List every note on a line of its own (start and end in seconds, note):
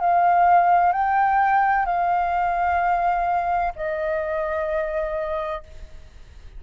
0.00 0.92 F5
0.92 1.85 G5
1.85 3.73 F5
3.76 5.63 D#5